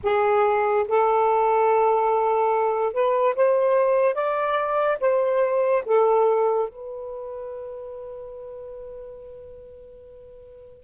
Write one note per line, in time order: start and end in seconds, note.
0.03 0.86 G#4
0.87 2.93 A4
2.93 3.34 B4
3.35 4.14 C5
4.14 4.97 D5
5.00 5.83 C5
5.85 6.69 A4
6.69 10.84 B4